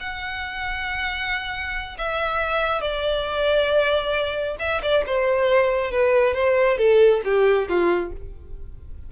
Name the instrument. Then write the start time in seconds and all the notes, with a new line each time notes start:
violin
0.00 F#5
1.98 E5
2.81 D5
4.59 E5
4.82 D5
5.06 C5
5.91 B4
6.34 C5
6.78 A4
7.24 G4
7.68 F4